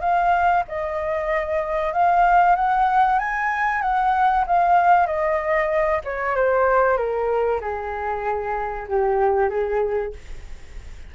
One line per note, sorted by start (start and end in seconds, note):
0.00 0.63 F5
0.68 1.93 D#5
1.93 2.55 F5
2.55 3.18 F#5
3.19 3.81 G#5
3.81 4.44 F#5
4.46 5.06 F5
5.06 6.01 D#5
6.04 6.35 C#5
6.35 6.97 C5
6.97 7.60 A#4
7.60 8.87 G#4
8.88 9.49 G4
9.49 10.12 G#4